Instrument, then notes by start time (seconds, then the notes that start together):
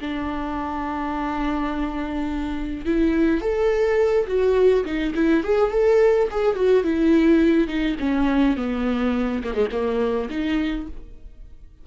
viola
0.00 D4
2.85 E4
3.41 A4
4.27 F#4
4.84 D#4
5.15 E4
5.43 G#4
5.71 A4
6.30 G#4
6.55 F#4
6.83 E4
7.67 D#4
7.99 C#4
8.57 B3
9.43 A#3
9.54 G#3
9.71 A#3
10.29 D#4